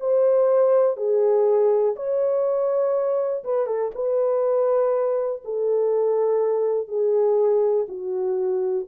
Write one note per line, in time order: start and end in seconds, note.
0.00 0.97 C5
0.97 1.95 G#4
1.96 3.44 C#5
3.44 3.66 B4
3.66 3.91 A4
3.95 5.42 B4
5.45 6.88 A4
6.88 7.86 G#4
7.88 8.87 F#4